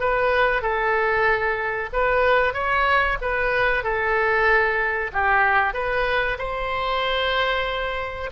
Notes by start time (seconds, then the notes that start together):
0.00 B4
0.62 A4
1.93 B4
2.54 C#5
3.21 B4
3.84 A4
5.13 G4
5.74 B4
6.38 C5